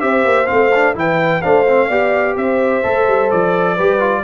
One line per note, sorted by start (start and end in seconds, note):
0.00 0.25 C4
0.00 0.46 G4
0.00 0.97 C5
0.00 0.46 E5
0.25 0.48 A#3
0.46 0.95 A3
0.46 0.70 C4
0.46 0.93 F5
0.74 0.95 D4
0.95 1.42 E3
0.95 1.42 E4
0.95 1.42 B4
0.95 1.41 G5
1.41 1.89 A3
1.41 1.66 D4
1.41 1.88 C5
1.41 2.35 F5
1.68 1.90 C4
1.88 2.36 B3
1.88 2.83 G4
1.88 2.35 D5
2.36 2.83 C4
2.36 3.74 C5
2.36 3.30 E5
2.83 3.07 A3
2.83 3.76 A4
3.07 3.31 G3
3.30 3.79 F3
3.30 4.23 D5
3.74 4.23 G3
3.74 3.99 G4
3.74 4.21 B4
3.99 4.23 F4